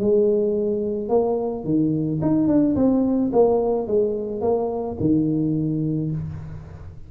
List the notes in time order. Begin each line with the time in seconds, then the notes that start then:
0.00 G#3
1.09 A#3
1.65 D#3
2.22 D#4
2.48 D4
2.76 C4
3.33 A#3
3.87 G#3
4.41 A#3
5.00 D#3